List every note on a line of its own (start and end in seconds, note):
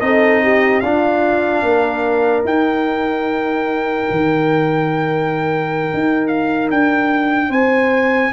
0.00 0.82 C4
0.00 0.82 D#4
0.00 0.42 A4
0.00 0.80 D#5
0.42 0.83 G4
0.80 1.62 D4
0.80 2.45 D4
0.80 1.64 F4
0.80 2.42 F5
1.62 2.43 A#3
1.62 7.49 A#4
2.44 4.06 D#4
2.44 8.32 D#4
2.44 6.27 G5
4.10 5.93 D#3
5.93 6.70 D#4
6.27 6.68 F5
6.70 7.49 D4
6.70 7.51 G5
7.49 8.30 C4
7.49 8.30 C5
7.49 8.32 G#5